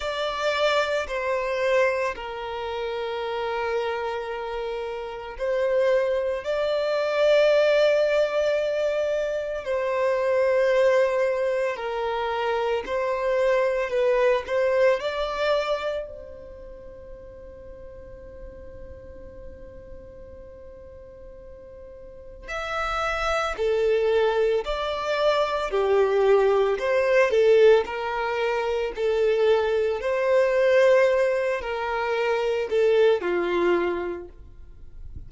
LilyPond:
\new Staff \with { instrumentName = "violin" } { \time 4/4 \tempo 4 = 56 d''4 c''4 ais'2~ | ais'4 c''4 d''2~ | d''4 c''2 ais'4 | c''4 b'8 c''8 d''4 c''4~ |
c''1~ | c''4 e''4 a'4 d''4 | g'4 c''8 a'8 ais'4 a'4 | c''4. ais'4 a'8 f'4 | }